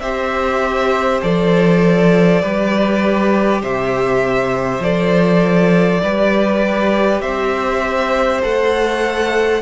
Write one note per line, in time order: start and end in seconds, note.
0.00 1.20 C4
0.00 1.22 G4
0.00 2.41 C5
0.00 1.20 E5
1.22 2.42 F3
1.22 2.41 A4
1.22 3.62 D5
2.41 3.62 G3
2.41 4.81 G4
2.41 3.61 B4
3.61 4.79 C3
3.61 6.01 C5
3.61 4.83 E5
4.79 5.99 F3
4.79 6.03 A4
4.79 7.21 D5
6.02 7.22 G3
6.02 8.42 G4
6.02 7.21 B4
7.21 8.42 C4
7.21 9.61 C5
7.21 8.41 E5
8.42 9.62 A3
8.42 9.62 A4
8.42 9.62 F#5